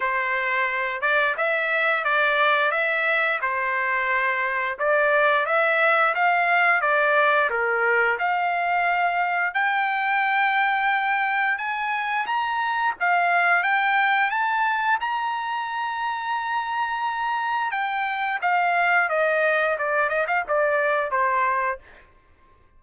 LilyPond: \new Staff \with { instrumentName = "trumpet" } { \time 4/4 \tempo 4 = 88 c''4. d''8 e''4 d''4 | e''4 c''2 d''4 | e''4 f''4 d''4 ais'4 | f''2 g''2~ |
g''4 gis''4 ais''4 f''4 | g''4 a''4 ais''2~ | ais''2 g''4 f''4 | dis''4 d''8 dis''16 f''16 d''4 c''4 | }